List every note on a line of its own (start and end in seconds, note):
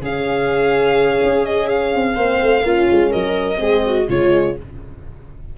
0.00 1.20 C#3
0.00 2.15 C#4
0.00 2.14 G#4
0.00 1.45 F5
1.22 1.94 C#4
1.45 1.68 D#5
1.68 3.12 F5
1.95 2.17 C4
2.14 2.41 A#3
2.14 2.63 C4
2.14 2.62 C5
2.41 2.64 A3
2.64 2.88 A#3
2.64 3.55 C#4
2.64 3.10 F4
2.91 3.13 G#3
3.10 3.59 F#3
3.10 3.58 A#4
3.10 4.08 D#5
3.55 4.07 G#3
3.55 4.03 C4
3.55 3.84 G#4
3.85 4.08 F#4
4.08 4.56 C#3
4.08 4.57 G#3
4.08 4.56 F4
4.08 4.57 C#5